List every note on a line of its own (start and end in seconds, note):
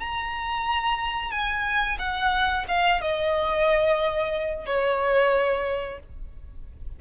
0.00 1.32 A#5
1.32 1.98 G#5
1.99 2.65 F#5
2.68 3.02 F5
3.02 4.66 D#5
4.66 5.99 C#5